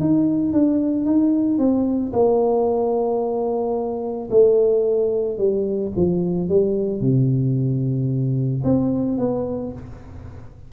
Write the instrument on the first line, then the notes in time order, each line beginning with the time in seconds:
tuba
0.00 D#4
0.53 D4
1.05 D#4
1.58 C4
2.13 A#3
4.30 A3
5.38 G3
5.96 F3
6.49 G3
7.00 C3
8.64 C4
9.18 B3